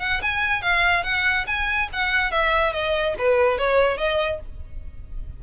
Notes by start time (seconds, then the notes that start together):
0.00 F#5
0.22 G#5
0.62 F5
1.04 F#5
1.47 G#5
1.93 F#5
2.31 E5
2.73 D#5
3.18 B4
3.58 C#5
3.97 D#5